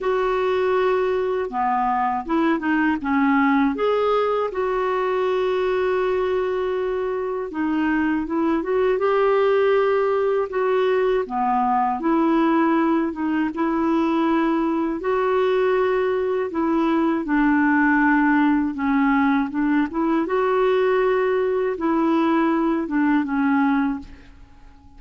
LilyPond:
\new Staff \with { instrumentName = "clarinet" } { \time 4/4 \tempo 4 = 80 fis'2 b4 e'8 dis'8 | cis'4 gis'4 fis'2~ | fis'2 dis'4 e'8 fis'8 | g'2 fis'4 b4 |
e'4. dis'8 e'2 | fis'2 e'4 d'4~ | d'4 cis'4 d'8 e'8 fis'4~ | fis'4 e'4. d'8 cis'4 | }